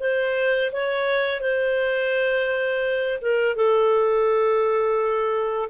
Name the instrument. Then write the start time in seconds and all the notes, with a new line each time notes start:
clarinet
0.00 C5
0.72 C#5
1.40 C5
3.21 A#4
3.56 A4